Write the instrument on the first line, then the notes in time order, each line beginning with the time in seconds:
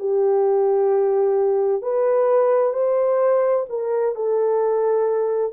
horn
0.00 G4
1.83 B4
2.74 C5
3.70 A#4
4.16 A4